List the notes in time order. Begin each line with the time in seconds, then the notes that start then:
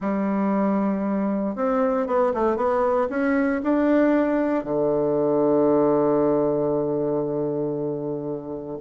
0.00 G3
1.55 C4
2.07 B3
2.33 A3
2.56 B3
3.09 C#4
3.63 D4
4.64 D3